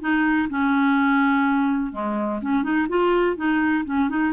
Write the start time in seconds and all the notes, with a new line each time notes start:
0.00 D#4
0.49 C#4
1.92 G#3
2.41 C#4
2.63 D#4
2.88 F4
3.36 D#4
3.85 C#4
4.09 D#4